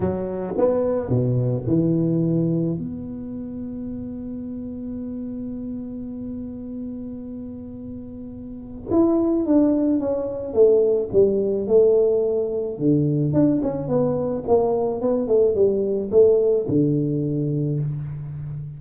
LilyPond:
\new Staff \with { instrumentName = "tuba" } { \time 4/4 \tempo 4 = 108 fis4 b4 b,4 e4~ | e4 b2.~ | b1~ | b1 |
e'4 d'4 cis'4 a4 | g4 a2 d4 | d'8 cis'8 b4 ais4 b8 a8 | g4 a4 d2 | }